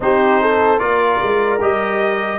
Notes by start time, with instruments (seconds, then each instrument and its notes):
0.00 tuba C4, trombone D#4, horn G4, trumpet C5
0.41 horn A4
0.78 tuba A#3, trombone F4, horn A#4, trumpet D5
1.22 tuba G#3
1.60 tuba G3, trombone G4, trumpet D#5